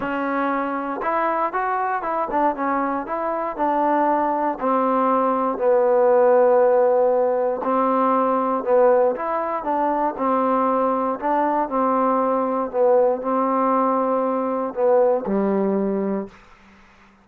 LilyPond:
\new Staff \with { instrumentName = "trombone" } { \time 4/4 \tempo 4 = 118 cis'2 e'4 fis'4 | e'8 d'8 cis'4 e'4 d'4~ | d'4 c'2 b4~ | b2. c'4~ |
c'4 b4 e'4 d'4 | c'2 d'4 c'4~ | c'4 b4 c'2~ | c'4 b4 g2 | }